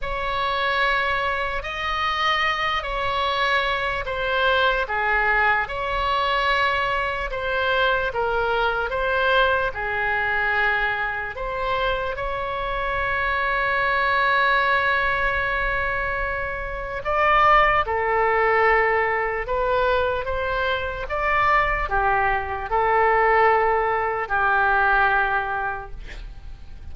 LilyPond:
\new Staff \with { instrumentName = "oboe" } { \time 4/4 \tempo 4 = 74 cis''2 dis''4. cis''8~ | cis''4 c''4 gis'4 cis''4~ | cis''4 c''4 ais'4 c''4 | gis'2 c''4 cis''4~ |
cis''1~ | cis''4 d''4 a'2 | b'4 c''4 d''4 g'4 | a'2 g'2 | }